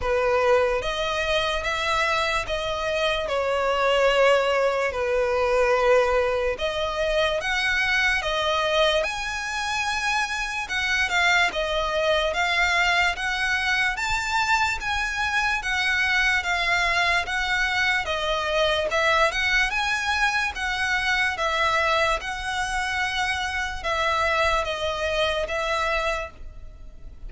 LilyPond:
\new Staff \with { instrumentName = "violin" } { \time 4/4 \tempo 4 = 73 b'4 dis''4 e''4 dis''4 | cis''2 b'2 | dis''4 fis''4 dis''4 gis''4~ | gis''4 fis''8 f''8 dis''4 f''4 |
fis''4 a''4 gis''4 fis''4 | f''4 fis''4 dis''4 e''8 fis''8 | gis''4 fis''4 e''4 fis''4~ | fis''4 e''4 dis''4 e''4 | }